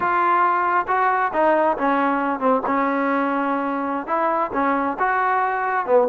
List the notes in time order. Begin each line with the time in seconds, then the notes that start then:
0.00 F4
0.87 F#4
1.33 D#4
1.77 C#4
2.39 C4
2.66 C#4
4.06 E4
4.53 C#4
4.99 F#4
5.86 B3